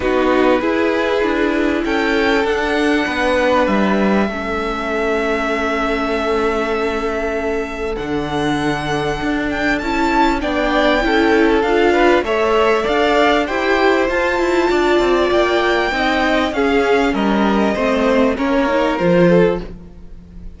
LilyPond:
<<
  \new Staff \with { instrumentName = "violin" } { \time 4/4 \tempo 4 = 98 b'2. g''4 | fis''2 e''2~ | e''1~ | e''4 fis''2~ fis''8 g''8 |
a''4 g''2 f''4 | e''4 f''4 g''4 a''4~ | a''4 g''2 f''4 | dis''2 cis''4 c''4 | }
  \new Staff \with { instrumentName = "violin" } { \time 4/4 fis'4 gis'2 a'4~ | a'4 b'2 a'4~ | a'1~ | a'1~ |
a'4 d''4 a'4. b'8 | cis''4 d''4 c''2 | d''2 dis''4 gis'4 | ais'4 c''4 ais'4. a'8 | }
  \new Staff \with { instrumentName = "viola" } { \time 4/4 dis'4 e'2. | d'2. cis'4~ | cis'1~ | cis'4 d'2. |
e'4 d'4 e'4 f'4 | a'2 g'4 f'4~ | f'2 dis'4 cis'4~ | cis'4 c'4 cis'8 dis'8 f'4 | }
  \new Staff \with { instrumentName = "cello" } { \time 4/4 b4 e'4 d'4 cis'4 | d'4 b4 g4 a4~ | a1~ | a4 d2 d'4 |
cis'4 b4 cis'4 d'4 | a4 d'4 e'4 f'8 e'8 | d'8 c'8 ais4 c'4 cis'4 | g4 a4 ais4 f4 | }
>>